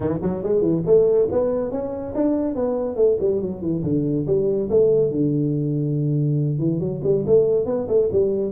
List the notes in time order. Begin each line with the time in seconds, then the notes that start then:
0.00 E3
0.21 F#3
0.43 G#3
0.61 E3
0.86 A3
1.31 B3
1.71 C#4
2.14 D4
2.55 B3
2.96 A3
3.19 G3
3.41 F#3
3.61 E3
3.83 D3
4.26 G3
4.69 A3
5.11 D3
6.58 E3
6.79 F#3
7.03 G3
7.26 A3
7.65 B3
7.87 A3
8.12 G3